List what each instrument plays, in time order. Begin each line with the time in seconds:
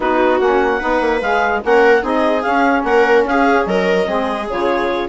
0.00 bassoon B3, saxophone D#4, viola F#4, clarinet B4
0.39 bassoon A#3, saxophone C#4, clarinet F#5
0.79 bassoon B3, saxophone D#4, viola B4
1.00 bassoon A#3
1.21 bassoon G#3, saxophone G#4, clarinet F5
1.61 bassoon A#3, saxophone C#4, viola A#4, clarinet F#5
2.01 bassoon C4, saxophone D#4, viola G#4, clarinet D#5
2.42 saxophone C#4, bassoon C#4, clarinet F5
2.84 bassoon A#3, viola A#4, clarinet F#5
3.24 bassoon C#4, viola G#4, clarinet F5
3.65 bassoon F#3, viola A#4, clarinet D#5
4.03 bassoon G#3, saxophone C4, viola G#4
4.48 bassoon C#3, saxophone F4, clarinet C#5